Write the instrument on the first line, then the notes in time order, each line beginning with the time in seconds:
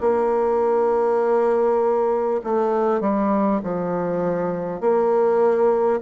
bassoon
0.00 A#3
2.43 A3
3.00 G3
3.63 F3
4.81 A#3